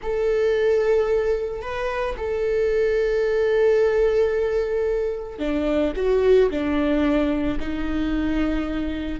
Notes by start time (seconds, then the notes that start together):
0.02 A4
1.61 B4
2.17 A4
5.39 D4
5.96 F#4
6.50 D4
7.59 D#4